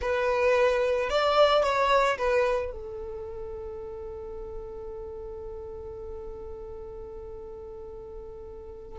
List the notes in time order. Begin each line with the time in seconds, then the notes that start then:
0.01 B4
1.09 D5
1.63 C#5
2.18 B4
2.71 A4